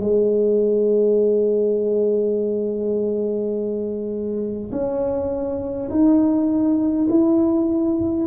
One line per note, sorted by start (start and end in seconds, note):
0.00 4.71 G#3
4.72 5.89 C#4
5.90 7.07 D#4
7.09 8.27 E4